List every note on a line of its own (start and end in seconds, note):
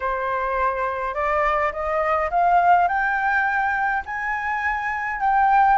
0.00 1.14 C5
1.14 1.72 D5
1.72 2.30 D#5
2.30 2.87 F5
2.87 4.03 G5
4.05 5.20 G#5
5.20 5.78 G5